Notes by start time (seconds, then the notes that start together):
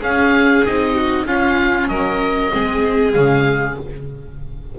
0.00 C#4 G#4 F5
0.65 C4 D#4 D#5
0.94 F#4
1.26 C#4 F4 F5
1.88 F#3 A#4 D#5
2.51 G#3 C4 G#4
3.12 C#3 G#3 F5